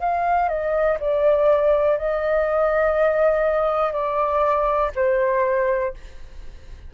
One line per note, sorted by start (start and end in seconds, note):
0.00 0.49 F5
0.49 0.98 D#5
1.00 1.98 D5
1.98 3.93 D#5
3.93 4.91 D5
4.95 5.94 C5